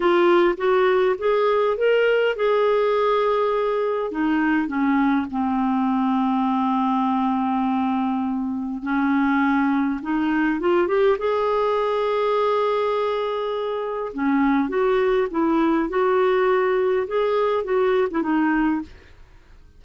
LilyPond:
\new Staff \with { instrumentName = "clarinet" } { \time 4/4 \tempo 4 = 102 f'4 fis'4 gis'4 ais'4 | gis'2. dis'4 | cis'4 c'2.~ | c'2. cis'4~ |
cis'4 dis'4 f'8 g'8 gis'4~ | gis'1 | cis'4 fis'4 e'4 fis'4~ | fis'4 gis'4 fis'8. e'16 dis'4 | }